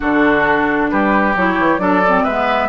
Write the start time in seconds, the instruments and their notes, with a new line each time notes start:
0.00 bassoon D3, clarinet D4, oboe F#4, flute A4
0.90 bassoon G3, oboe G4, flute B4
1.35 bassoon F#3, clarinet E4, flute C#5
1.58 bassoon E3
1.78 bassoon F#3, clarinet D4, oboe A4, flute D5
2.07 clarinet C4
2.23 bassoon G#3, oboe B4, flute E5
2.30 clarinet B3